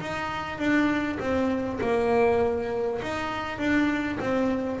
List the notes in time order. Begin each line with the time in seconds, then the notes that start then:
0.00 D#4
0.58 D4
1.19 C4
1.81 A#3
3.02 D#4
3.58 D4
4.20 C4